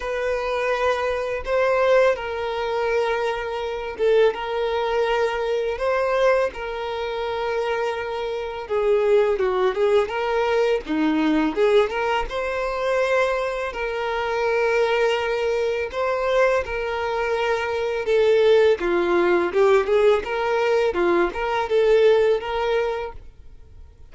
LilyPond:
\new Staff \with { instrumentName = "violin" } { \time 4/4 \tempo 4 = 83 b'2 c''4 ais'4~ | ais'4. a'8 ais'2 | c''4 ais'2. | gis'4 fis'8 gis'8 ais'4 dis'4 |
gis'8 ais'8 c''2 ais'4~ | ais'2 c''4 ais'4~ | ais'4 a'4 f'4 g'8 gis'8 | ais'4 f'8 ais'8 a'4 ais'4 | }